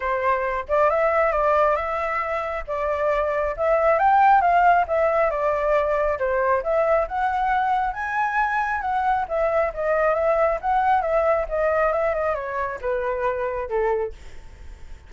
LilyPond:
\new Staff \with { instrumentName = "flute" } { \time 4/4 \tempo 4 = 136 c''4. d''8 e''4 d''4 | e''2 d''2 | e''4 g''4 f''4 e''4 | d''2 c''4 e''4 |
fis''2 gis''2 | fis''4 e''4 dis''4 e''4 | fis''4 e''4 dis''4 e''8 dis''8 | cis''4 b'2 a'4 | }